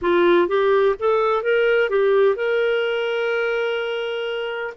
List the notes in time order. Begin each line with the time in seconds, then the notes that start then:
0.01 F4
0.47 G4
0.99 A4
1.42 A#4
1.89 G4
2.35 A#4